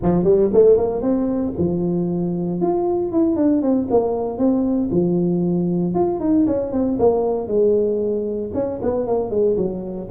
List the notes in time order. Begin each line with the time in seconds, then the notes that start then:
0.02 F3
0.24 G3
0.53 A3
0.77 A#3
1.01 C4
1.58 F3
2.61 F4
3.12 E4
3.36 D4
3.61 C4
3.90 A#3
4.38 C4
4.91 F3
5.94 F4
6.20 D#4
6.46 C#4
6.71 C4
6.99 A#3
7.47 G#3
8.53 C#4
8.82 B3
9.07 A#3
9.30 G#3
9.56 F#3